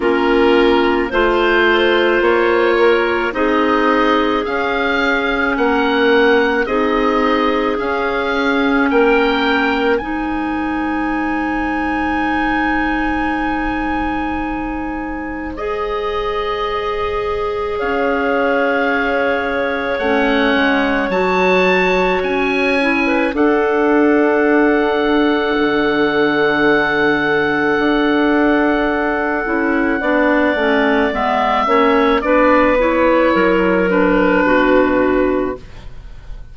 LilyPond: <<
  \new Staff \with { instrumentName = "oboe" } { \time 4/4 \tempo 4 = 54 ais'4 c''4 cis''4 dis''4 | f''4 fis''4 dis''4 f''4 | g''4 gis''2.~ | gis''2 dis''2 |
f''2 fis''4 a''4 | gis''4 fis''2.~ | fis''1 | e''4 d''8 cis''4 b'4. | }
  \new Staff \with { instrumentName = "clarinet" } { \time 4/4 f'4 c''4. ais'8 gis'4~ | gis'4 ais'4 gis'2 | ais'4 c''2.~ | c''1 |
cis''1~ | cis''8. b'16 a'2.~ | a'2. d''4~ | d''8 cis''8 b'4 ais'4 fis'4 | }
  \new Staff \with { instrumentName = "clarinet" } { \time 4/4 cis'4 f'2 dis'4 | cis'2 dis'4 cis'4~ | cis'4 dis'2.~ | dis'2 gis'2~ |
gis'2 cis'4 fis'4~ | fis'8 e'8 d'2.~ | d'2~ d'8 e'8 d'8 cis'8 | b8 cis'8 d'8 e'4 d'4. | }
  \new Staff \with { instrumentName = "bassoon" } { \time 4/4 ais4 a4 ais4 c'4 | cis'4 ais4 c'4 cis'4 | ais4 gis2.~ | gis1 |
cis'2 a8 gis8 fis4 | cis'4 d'2 d4~ | d4 d'4. cis'8 b8 a8 | gis8 ais8 b4 fis4 b,4 | }
>>